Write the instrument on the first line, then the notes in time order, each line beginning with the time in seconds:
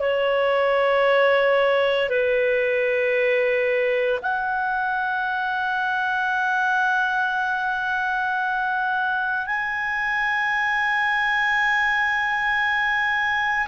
clarinet
0.00 C#5
2.10 B4
4.22 F#5
9.46 G#5